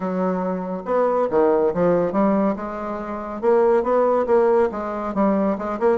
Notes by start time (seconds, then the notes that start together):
0.00 F#3
0.85 B3
1.30 D#3
1.74 F3
2.12 G3
2.55 G#3
3.41 A#3
3.83 B3
4.26 A#3
4.71 G#3
5.14 G3
5.58 G#3
5.79 A#3